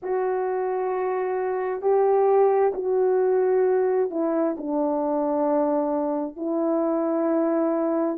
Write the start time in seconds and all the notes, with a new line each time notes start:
0.02 F#4
1.81 G4
2.74 F#4
4.10 E4
4.57 D4
6.36 E4